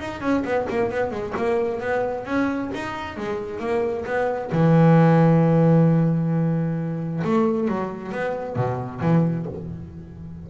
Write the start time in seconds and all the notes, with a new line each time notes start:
0.00 D#4
0.21 C#4
0.45 B3
0.70 A#3
0.91 B3
1.12 G#3
1.37 A#3
1.81 B3
2.26 C#4
2.75 D#4
3.17 G#3
3.60 A#3
4.06 B3
4.52 E3
7.24 A3
7.68 F#3
8.12 B3
8.56 B2
9.01 E3